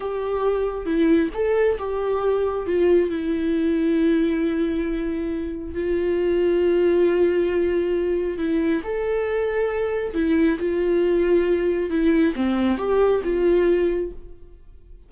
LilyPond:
\new Staff \with { instrumentName = "viola" } { \time 4/4 \tempo 4 = 136 g'2 e'4 a'4 | g'2 f'4 e'4~ | e'1~ | e'4 f'2.~ |
f'2. e'4 | a'2. e'4 | f'2. e'4 | c'4 g'4 f'2 | }